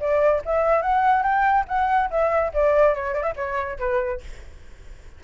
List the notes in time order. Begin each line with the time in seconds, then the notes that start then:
0.00 D5
0.45 E5
0.82 F#5
1.23 G5
1.68 F#5
2.10 E5
2.53 D5
2.94 C#5
3.14 D5
3.23 E5
3.36 C#5
3.79 B4